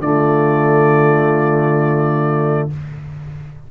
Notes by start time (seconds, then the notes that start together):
0.00 D3 A3 F4 D5